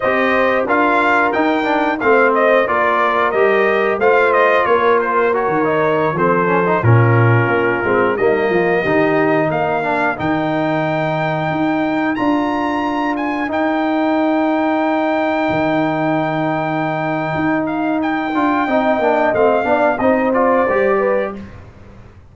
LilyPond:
<<
  \new Staff \with { instrumentName = "trumpet" } { \time 4/4 \tempo 4 = 90 dis''4 f''4 g''4 f''8 dis''8 | d''4 dis''4 f''8 dis''8 cis''8 c''8 | cis''4~ cis''16 c''4 ais'4.~ ais'16~ | ais'16 dis''2 f''4 g''8.~ |
g''2~ g''16 ais''4. gis''16~ | gis''16 g''2.~ g''8.~ | g''2~ g''8 f''8 g''4~ | g''4 f''4 dis''8 d''4. | }
  \new Staff \with { instrumentName = "horn" } { \time 4/4 c''4 ais'2 c''4 | ais'2 c''4 ais'4~ | ais'4~ ais'16 a'4 f'4.~ f'16~ | f'16 dis'8 f'8 g'4 ais'4.~ ais'16~ |
ais'1~ | ais'1~ | ais'1 | dis''4. d''8 c''4. b'8 | }
  \new Staff \with { instrumentName = "trombone" } { \time 4/4 g'4 f'4 dis'8 d'8 c'4 | f'4 g'4 f'2 | fis'8 dis'8. c'8 cis'16 dis'16 cis'4. c'16~ | c'16 ais4 dis'4. d'8 dis'8.~ |
dis'2~ dis'16 f'4.~ f'16~ | f'16 dis'2.~ dis'8.~ | dis'2.~ dis'8 f'8 | dis'8 d'8 c'8 d'8 dis'8 f'8 g'4 | }
  \new Staff \with { instrumentName = "tuba" } { \time 4/4 c'4 d'4 dis'4 a4 | ais4 g4 a4 ais4~ | ais16 dis4 f4 ais,4 ais8 gis16~ | gis16 g8 f8 dis4 ais4 dis8.~ |
dis4~ dis16 dis'4 d'4.~ d'16~ | d'16 dis'2. dis8.~ | dis2 dis'4. d'8 | c'8 ais8 a8 b8 c'4 g4 | }
>>